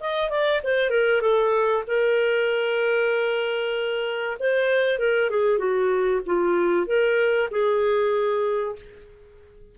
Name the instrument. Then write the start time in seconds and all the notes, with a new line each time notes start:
clarinet
0.00 D#5
0.30 D5
0.64 C5
0.90 A#4
1.21 A4
1.87 A#4
4.40 C5
4.99 A#4
5.30 G#4
5.58 F#4
6.26 F4
6.87 A#4
7.51 G#4